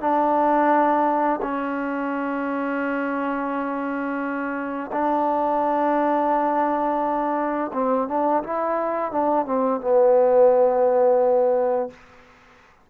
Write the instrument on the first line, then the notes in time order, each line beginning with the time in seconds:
trombone
0.00 D4
1.42 C#4
4.92 D4
7.73 C4
8.07 D4
8.43 E4
9.11 D4
9.45 C4
9.80 B3